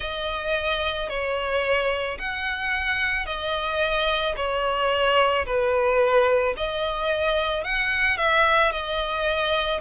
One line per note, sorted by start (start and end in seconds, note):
0.00 1.09 D#5
1.09 2.18 C#5
2.18 3.26 F#5
3.26 4.35 D#5
4.36 5.45 C#5
5.45 6.55 B4
6.57 7.64 D#5
7.64 8.17 F#5
8.17 8.71 E5
8.71 9.80 D#5